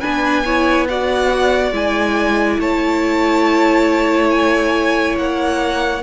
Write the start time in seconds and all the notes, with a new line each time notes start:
0.00 B3 D4 B4 G#5
0.45 E4 C#5
0.88 F#4 D5 F#5
1.72 G#3 E4 G#5
2.59 A3 C#5 A5
4.30 G#5
5.17 A#3 F#5